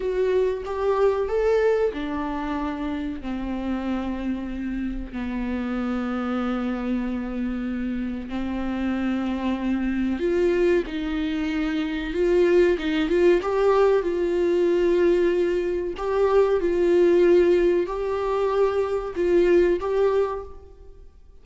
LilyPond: \new Staff \with { instrumentName = "viola" } { \time 4/4 \tempo 4 = 94 fis'4 g'4 a'4 d'4~ | d'4 c'2. | b1~ | b4 c'2. |
f'4 dis'2 f'4 | dis'8 f'8 g'4 f'2~ | f'4 g'4 f'2 | g'2 f'4 g'4 | }